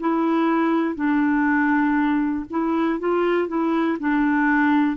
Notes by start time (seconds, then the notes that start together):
0.00 E4
0.95 D4
2.50 E4
3.00 F4
3.48 E4
4.00 D4